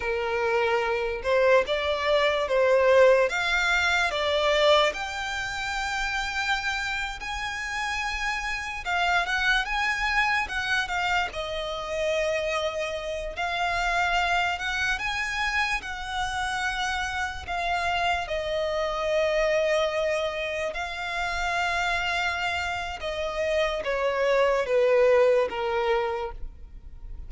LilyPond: \new Staff \with { instrumentName = "violin" } { \time 4/4 \tempo 4 = 73 ais'4. c''8 d''4 c''4 | f''4 d''4 g''2~ | g''8. gis''2 f''8 fis''8 gis''16~ | gis''8. fis''8 f''8 dis''2~ dis''16~ |
dis''16 f''4. fis''8 gis''4 fis''8.~ | fis''4~ fis''16 f''4 dis''4.~ dis''16~ | dis''4~ dis''16 f''2~ f''8. | dis''4 cis''4 b'4 ais'4 | }